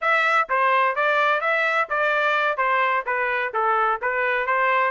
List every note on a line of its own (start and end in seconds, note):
0.01 0.48 E5
0.49 0.95 C5
0.95 1.40 D5
1.40 1.87 E5
1.89 2.57 D5
2.57 3.04 C5
3.06 3.52 B4
3.53 4.00 A4
4.01 4.46 B4
4.46 4.91 C5